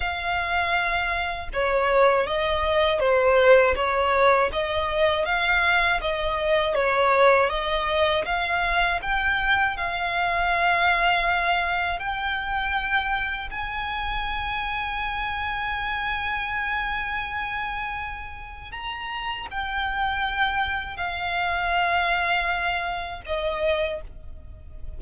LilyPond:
\new Staff \with { instrumentName = "violin" } { \time 4/4 \tempo 4 = 80 f''2 cis''4 dis''4 | c''4 cis''4 dis''4 f''4 | dis''4 cis''4 dis''4 f''4 | g''4 f''2. |
g''2 gis''2~ | gis''1~ | gis''4 ais''4 g''2 | f''2. dis''4 | }